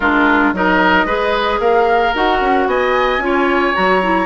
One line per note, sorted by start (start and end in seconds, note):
0.00 0.52 G#3
0.00 0.55 D4
0.00 0.53 F4
0.00 0.53 A#4
0.52 1.05 F#3
0.52 1.07 D#4
0.52 1.05 A#4
0.52 1.59 D#5
1.05 1.58 G#3
1.05 2.14 G#4
1.05 1.59 B4
1.59 2.12 A#3
1.59 2.68 A#4
1.59 2.13 F5
2.14 2.41 D#4
2.14 3.21 F#4
2.14 2.68 F#5
2.41 2.66 C#4
2.66 3.18 B3
2.66 3.22 D#5
2.66 3.74 G#5
3.18 3.72 C#4
3.18 3.74 F4
3.25 4.25 C#5
3.74 4.25 F#3
3.74 4.00 F#4
3.74 4.25 A#5
4.02 4.25 E4